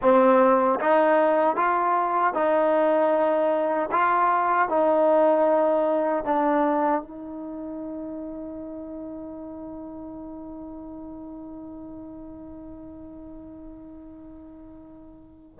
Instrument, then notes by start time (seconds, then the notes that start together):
trombone
0.01 C4
0.80 D#4
1.56 F4
2.33 D#4
3.91 F4
4.68 D#4
6.24 D4
7.02 D#4